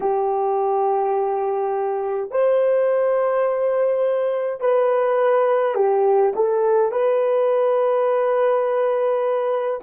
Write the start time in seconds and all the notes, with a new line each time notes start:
0.00 G4
2.31 C5
4.60 B4
5.74 G4
6.35 A4
6.91 B4